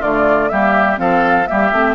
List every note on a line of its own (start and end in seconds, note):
0.00 0.51 D3
0.00 0.51 A3
0.00 0.49 F4
0.00 0.49 D5
0.49 0.99 G3
0.49 0.97 A#3
0.49 1.00 G4
0.49 0.98 E5
0.97 1.47 F3
0.97 1.46 C4
0.97 1.49 A4
0.97 1.47 F5
1.47 1.72 G3
1.47 1.71 A#3
1.47 1.96 G4
1.47 1.96 E5
1.72 1.96 A3
1.72 1.96 C4